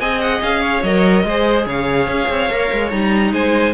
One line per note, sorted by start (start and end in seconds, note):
0.00 0.41 C4
0.00 0.84 G#4
0.00 0.61 D#5
0.00 0.21 G#5
0.21 0.42 F#5
0.42 0.83 C#4
0.42 0.83 F5
0.61 1.23 C#5
0.83 1.24 F#3
0.83 1.27 A#4
0.83 1.66 D#5
1.24 1.65 G#3
1.24 2.50 G#4
1.24 1.66 C5
1.66 2.07 C#3
1.66 3.32 C#5
1.66 2.90 F5
2.07 2.28 C#4
2.29 2.50 C4
2.50 2.70 A#3
2.50 2.91 A#4
2.72 2.92 G#3
2.90 3.33 G3
2.90 3.74 D#4
2.90 3.31 A#5
3.32 3.74 G#3
3.32 3.74 C5
3.32 3.74 G#5